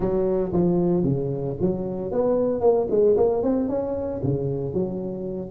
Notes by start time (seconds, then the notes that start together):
0.00 F#3
0.52 F3
1.03 C#3
1.61 F#3
2.11 B3
2.61 A#3
2.90 G#3
3.16 A#3
3.43 C4
3.68 C#4
4.23 C#3
4.73 F#3